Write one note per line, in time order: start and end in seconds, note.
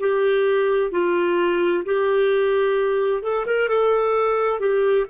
0.00 0.92 G4
0.92 1.84 F4
1.85 3.23 G4
3.23 3.46 A4
3.47 3.69 A#4
3.69 4.60 A4
4.60 5.06 G4